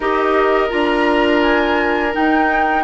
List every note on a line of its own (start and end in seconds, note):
0.00 0.69 D#4
0.00 0.69 G4
0.00 2.84 A#4
0.00 0.70 D#5
0.69 2.15 D4
0.69 2.11 F4
0.69 1.41 A#5
1.42 2.13 G#5
2.13 2.84 D#4
2.13 2.84 G5